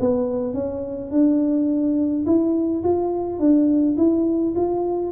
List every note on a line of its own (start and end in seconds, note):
0.00 0.54 B3
0.54 1.11 C#4
1.11 2.25 D4
2.26 2.83 E4
2.84 3.39 F4
3.39 3.97 D4
3.97 4.55 E4
4.56 5.12 F4